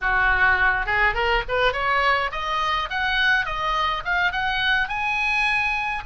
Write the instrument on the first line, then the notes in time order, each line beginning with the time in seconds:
oboe
0.01 F#4
0.85 G#4
1.14 A#4
1.48 B4
1.73 C#5
2.31 D#5
2.90 F#5
3.45 D#5
4.04 F5
4.32 F#5
4.88 G#5